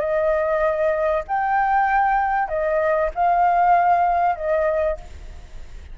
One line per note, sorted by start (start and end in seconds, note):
0.00 1.24 D#5
1.28 2.49 G5
2.49 3.10 D#5
3.15 4.36 F5
4.36 4.98 D#5